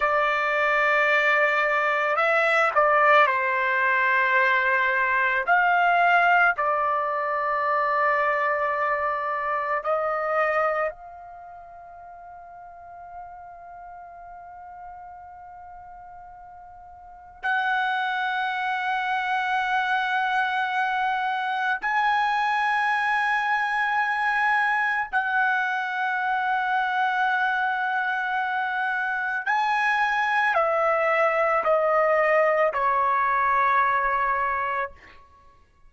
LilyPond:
\new Staff \with { instrumentName = "trumpet" } { \time 4/4 \tempo 4 = 55 d''2 e''8 d''8 c''4~ | c''4 f''4 d''2~ | d''4 dis''4 f''2~ | f''1 |
fis''1 | gis''2. fis''4~ | fis''2. gis''4 | e''4 dis''4 cis''2 | }